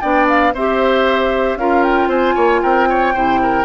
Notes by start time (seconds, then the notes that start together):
0.00 B3 D4 D5 G5
0.28 F5
0.54 C4 G4 C5 E5
1.56 C#4 F4 A#4 F5
1.83 G5
2.07 C4 C5 G#5
2.34 A#3 C#5
2.62 C4 A#4 G5
2.89 C#5
3.14 C3 E4 C5
3.42 A#4